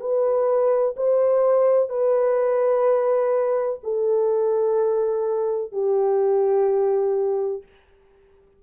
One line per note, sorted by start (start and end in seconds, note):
0.00 0.95 B4
0.97 1.89 C5
1.89 3.79 B4
3.83 5.72 A4
5.72 7.62 G4